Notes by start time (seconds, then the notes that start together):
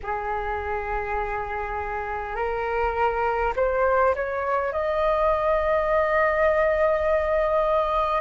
0.02 G#4
2.35 A#4
3.56 C5
4.14 C#5
4.72 D#5